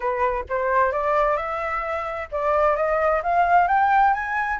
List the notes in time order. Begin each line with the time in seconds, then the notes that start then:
0.00 B4
0.49 C5
0.92 D5
1.36 E5
2.31 D5
2.76 D#5
3.22 F5
3.67 G5
4.13 G#5